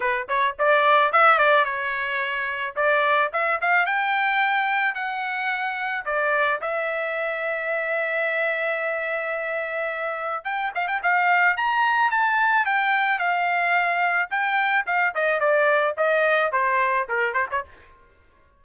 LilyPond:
\new Staff \with { instrumentName = "trumpet" } { \time 4/4 \tempo 4 = 109 b'8 cis''8 d''4 e''8 d''8 cis''4~ | cis''4 d''4 e''8 f''8 g''4~ | g''4 fis''2 d''4 | e''1~ |
e''2. g''8 f''16 g''16 | f''4 ais''4 a''4 g''4 | f''2 g''4 f''8 dis''8 | d''4 dis''4 c''4 ais'8 c''16 cis''16 | }